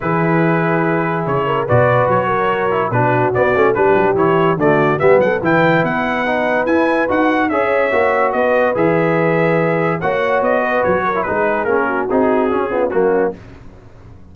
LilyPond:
<<
  \new Staff \with { instrumentName = "trumpet" } { \time 4/4 \tempo 4 = 144 b'2. cis''4 | d''4 cis''2 b'4 | d''4 b'4 cis''4 d''4 | e''8 fis''8 g''4 fis''2 |
gis''4 fis''4 e''2 | dis''4 e''2. | fis''4 dis''4 cis''4 b'4 | ais'4 gis'2 fis'4 | }
  \new Staff \with { instrumentName = "horn" } { \time 4/4 gis'2.~ gis'8 ais'8 | b'4. ais'4. fis'4~ | fis'4 g'2 fis'4 | g'8 a'8 b'2.~ |
b'2 cis''2 | b'1 | cis''4. b'4 ais'8 gis'4~ | gis'8 fis'2 f'8 cis'4 | }
  \new Staff \with { instrumentName = "trombone" } { \time 4/4 e'1 | fis'2~ fis'8 e'8 d'4 | b8 cis'8 d'4 e'4 a4 | b4 e'2 dis'4 |
e'4 fis'4 gis'4 fis'4~ | fis'4 gis'2. | fis'2~ fis'8. e'16 dis'4 | cis'4 dis'4 cis'8 b8 ais4 | }
  \new Staff \with { instrumentName = "tuba" } { \time 4/4 e2. cis4 | b,4 fis2 b,4 | b8 a8 g8 fis8 e4 d4 | g8 fis8 e4 b2 |
e'4 dis'4 cis'4 ais4 | b4 e2. | ais4 b4 fis4 gis4 | ais4 c'4 cis'4 fis4 | }
>>